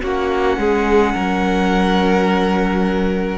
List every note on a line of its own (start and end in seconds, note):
0.00 0.57 A#3
0.00 3.38 C#4
0.00 0.59 F#4
0.00 3.38 F#5
0.57 1.14 G#3
0.57 1.14 G#4
1.14 3.38 F#3
1.14 3.38 A#4